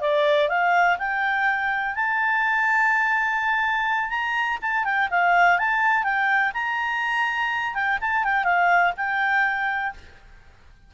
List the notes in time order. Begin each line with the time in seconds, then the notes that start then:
0.00 D5
0.48 F5
0.98 G5
1.95 A5
4.09 A#5
4.61 A5
4.84 G5
5.10 F5
5.58 A5
6.03 G5
6.53 A#5
7.74 G5
8.01 A5
8.24 G5
8.44 F5
8.96 G5